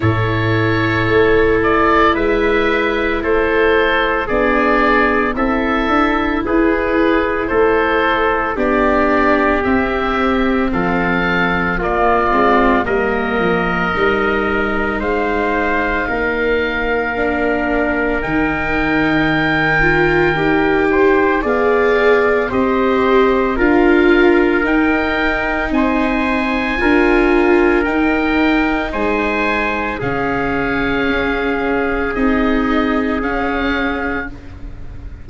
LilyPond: <<
  \new Staff \with { instrumentName = "oboe" } { \time 4/4 \tempo 4 = 56 cis''4. d''8 e''4 c''4 | d''4 e''4 b'4 c''4 | d''4 e''4 f''4 d''4 | dis''2 f''2~ |
f''4 g''2. | f''4 dis''4 f''4 g''4 | gis''2 g''4 gis''4 | f''2 dis''4 f''4 | }
  \new Staff \with { instrumentName = "trumpet" } { \time 4/4 a'2 b'4 a'4 | gis'4 a'4 gis'4 a'4 | g'2 a'4 f'4 | ais'2 c''4 ais'4~ |
ais'2.~ ais'8 c''8 | d''4 c''4 ais'2 | c''4 ais'2 c''4 | gis'1 | }
  \new Staff \with { instrumentName = "viola" } { \time 4/4 e'1 | d'4 e'2. | d'4 c'2 ais8 c'8 | ais4 dis'2. |
d'4 dis'4. f'8 g'4 | gis'4 g'4 f'4 dis'4~ | dis'4 f'4 dis'2 | cis'2 dis'4 cis'4 | }
  \new Staff \with { instrumentName = "tuba" } { \time 4/4 a,4 a4 gis4 a4 | b4 c'8 d'8 e'4 a4 | b4 c'4 f4 ais8 gis8 | g8 f8 g4 gis4 ais4~ |
ais4 dis2 dis'4 | b4 c'4 d'4 dis'4 | c'4 d'4 dis'4 gis4 | cis4 cis'4 c'4 cis'4 | }
>>